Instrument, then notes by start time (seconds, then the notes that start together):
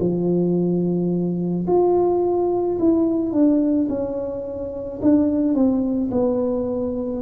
tuba
0.00 F3
1.68 F4
2.79 E4
3.32 D4
3.89 C#4
5.03 D4
5.55 C4
6.12 B3